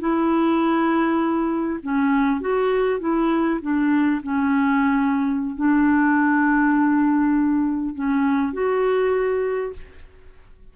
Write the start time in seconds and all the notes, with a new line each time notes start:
0.00 E4
1.83 C#4
2.41 F#4
3.00 E4
3.62 D4
4.23 C#4
5.56 D4
7.95 C#4
8.53 F#4